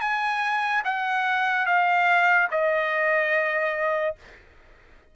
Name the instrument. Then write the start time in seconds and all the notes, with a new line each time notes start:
trumpet
0.00 G#5
0.84 F#5
1.66 F5
2.51 D#5